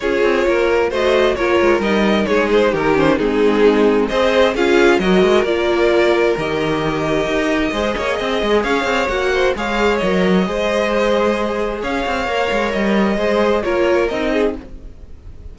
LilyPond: <<
  \new Staff \with { instrumentName = "violin" } { \time 4/4 \tempo 4 = 132 cis''2 dis''4 cis''4 | dis''4 cis''8 c''8 ais'8 c''8 gis'4~ | gis'4 dis''4 f''4 dis''4 | d''2 dis''2~ |
dis''2. f''4 | fis''4 f''4 dis''2~ | dis''2 f''2 | dis''2 cis''4 dis''4 | }
  \new Staff \with { instrumentName = "violin" } { \time 4/4 gis'4 ais'4 c''4 ais'4~ | ais'4 gis'4 g'4 dis'4~ | dis'4 c''4 gis'4 ais'4~ | ais'1~ |
ais'4 c''8 cis''8 dis''4 cis''4~ | cis''8 c''8 cis''2 c''4~ | c''2 cis''2~ | cis''4 c''4 ais'4. gis'8 | }
  \new Staff \with { instrumentName = "viola" } { \time 4/4 f'2 fis'4 f'4 | dis'2~ dis'8 cis'8 c'4~ | c'4 gis'4 f'4 fis'4 | f'2 g'2~ |
g'4 gis'2. | fis'4 gis'4 ais'4 gis'4~ | gis'2. ais'4~ | ais'4 gis'4 f'4 dis'4 | }
  \new Staff \with { instrumentName = "cello" } { \time 4/4 cis'8 c'8 ais4 a4 ais8 gis8 | g4 gis4 dis4 gis4~ | gis4 c'4 cis'4 fis8 gis8 | ais2 dis2 |
dis'4 gis8 ais8 c'8 gis8 cis'8 c'8 | ais4 gis4 fis4 gis4~ | gis2 cis'8 c'8 ais8 gis8 | g4 gis4 ais4 c'4 | }
>>